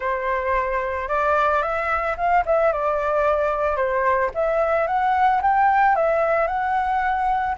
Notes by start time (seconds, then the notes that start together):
0.00 C5
1.08 D5
1.62 E5
2.17 F5
2.45 E5
2.72 D5
3.76 C5
4.34 E5
4.87 F#5
5.42 G5
5.95 E5
6.47 F#5